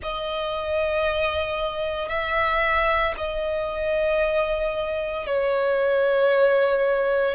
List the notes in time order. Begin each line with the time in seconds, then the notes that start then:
0.02 D#5
2.09 E5
3.17 D#5
5.26 C#5